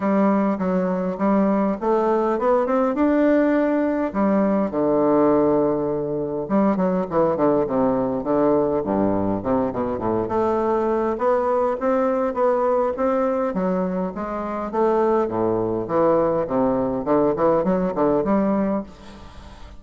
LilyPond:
\new Staff \with { instrumentName = "bassoon" } { \time 4/4 \tempo 4 = 102 g4 fis4 g4 a4 | b8 c'8 d'2 g4 | d2. g8 fis8 | e8 d8 c4 d4 g,4 |
c8 b,8 a,8 a4. b4 | c'4 b4 c'4 fis4 | gis4 a4 a,4 e4 | c4 d8 e8 fis8 d8 g4 | }